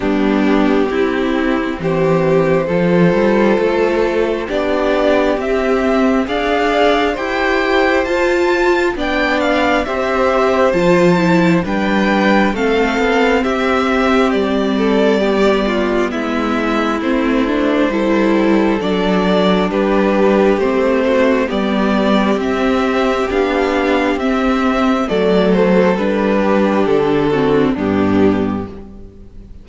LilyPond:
<<
  \new Staff \with { instrumentName = "violin" } { \time 4/4 \tempo 4 = 67 g'2 c''2~ | c''4 d''4 e''4 f''4 | g''4 a''4 g''8 f''8 e''4 | a''4 g''4 f''4 e''4 |
d''2 e''4 c''4~ | c''4 d''4 b'4 c''4 | d''4 e''4 f''4 e''4 | d''8 c''8 b'4 a'4 g'4 | }
  \new Staff \with { instrumentName = "violin" } { \time 4/4 d'4 e'4 g'4 a'4~ | a'4 g'2 d''4 | c''2 d''4 c''4~ | c''4 b'4 a'4 g'4~ |
g'8 a'8 g'8 f'8 e'2 | a'2 g'4. fis'8 | g'1 | a'4. g'4 fis'8 d'4 | }
  \new Staff \with { instrumentName = "viola" } { \time 4/4 b4 c'2 f'4~ | f'4 d'4 c'4 gis'4 | g'4 f'4 d'4 g'4 | f'8 e'8 d'4 c'2~ |
c'4 b2 c'8 d'8 | e'4 d'2 c'4 | b4 c'4 d'4 c'4 | a4 d'4. c'8 b4 | }
  \new Staff \with { instrumentName = "cello" } { \time 4/4 g4 c'4 e4 f8 g8 | a4 b4 c'4 d'4 | e'4 f'4 b4 c'4 | f4 g4 a8 b8 c'4 |
g2 gis4 a4 | g4 fis4 g4 a4 | g4 c'4 b4 c'4 | fis4 g4 d4 g,4 | }
>>